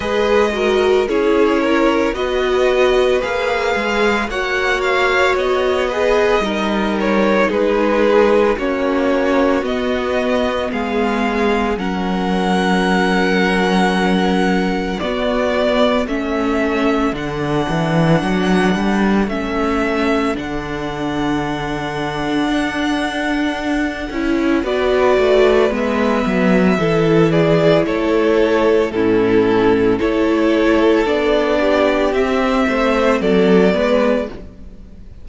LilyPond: <<
  \new Staff \with { instrumentName = "violin" } { \time 4/4 \tempo 4 = 56 dis''4 cis''4 dis''4 f''4 | fis''8 f''8 dis''4. cis''8 b'4 | cis''4 dis''4 f''4 fis''4~ | fis''2 d''4 e''4 |
fis''2 e''4 fis''4~ | fis''2. d''4 | e''4. d''8 cis''4 a'4 | cis''4 d''4 e''4 d''4 | }
  \new Staff \with { instrumentName = "violin" } { \time 4/4 b'8 ais'8 gis'8 ais'8 b'2 | cis''4. b'8 ais'4 gis'4 | fis'2 gis'4 ais'4~ | ais'2 fis'4 a'4~ |
a'1~ | a'2. b'4~ | b'4 a'8 gis'8 a'4 e'4 | a'4. g'4 c''8 a'8 b'8 | }
  \new Staff \with { instrumentName = "viola" } { \time 4/4 gis'8 fis'8 e'4 fis'4 gis'4 | fis'4. gis'8 dis'2 | cis'4 b2 cis'4~ | cis'2 b4 cis'4 |
d'2 cis'4 d'4~ | d'2~ d'8 e'8 fis'4 | b4 e'2 cis'4 | e'4 d'4 c'4. b8 | }
  \new Staff \with { instrumentName = "cello" } { \time 4/4 gis4 cis'4 b4 ais8 gis8 | ais4 b4 g4 gis4 | ais4 b4 gis4 fis4~ | fis2 b4 a4 |
d8 e8 fis8 g8 a4 d4~ | d4 d'4. cis'8 b8 a8 | gis8 fis8 e4 a4 a,4 | a4 b4 c'8 a8 fis8 gis8 | }
>>